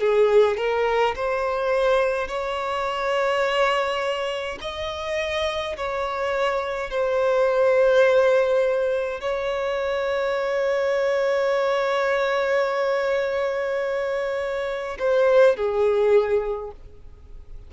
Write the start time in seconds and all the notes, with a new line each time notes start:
0.00 G#4
0.57 A#4
1.15 C5
2.28 C#5
4.61 D#5
5.77 C#5
6.91 C5
9.21 C#5
14.99 C5
15.57 G#4